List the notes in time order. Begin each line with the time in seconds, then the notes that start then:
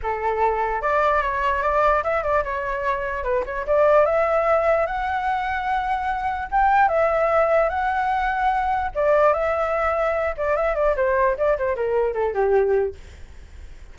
0.02 A4
0.81 D5
1.22 C#5
1.62 D5
2.03 E5
2.23 D5
2.44 C#5
3.23 B4
3.45 C#5
3.66 D5
4.05 E5
4.86 F#5
6.51 G5
6.88 E5
7.69 F#5
8.94 D5
9.33 E5
10.37 D5
10.56 E5
10.75 D5
10.96 C5
11.37 D5
11.57 C5
11.75 A#4
12.13 A4
12.34 G4